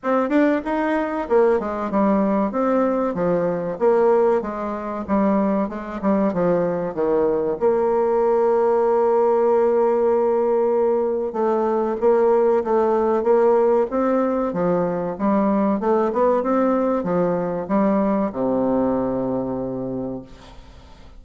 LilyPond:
\new Staff \with { instrumentName = "bassoon" } { \time 4/4 \tempo 4 = 95 c'8 d'8 dis'4 ais8 gis8 g4 | c'4 f4 ais4 gis4 | g4 gis8 g8 f4 dis4 | ais1~ |
ais2 a4 ais4 | a4 ais4 c'4 f4 | g4 a8 b8 c'4 f4 | g4 c2. | }